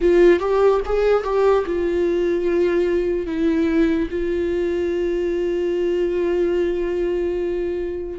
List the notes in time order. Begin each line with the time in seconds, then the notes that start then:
0.00 F4
0.39 G4
0.85 G#4
1.23 G4
1.66 F4
3.26 E4
4.10 F4